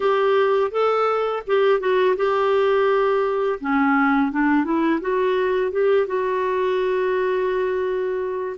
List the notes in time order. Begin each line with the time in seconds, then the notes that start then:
0.00 G4
0.71 A4
1.46 G4
1.80 F#4
2.16 G4
3.60 C#4
4.31 D4
4.64 E4
5.00 F#4
5.71 G4
6.06 F#4